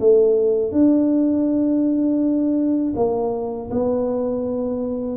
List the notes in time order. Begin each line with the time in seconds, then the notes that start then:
0.00 A3
0.72 D4
2.96 A#3
3.71 B3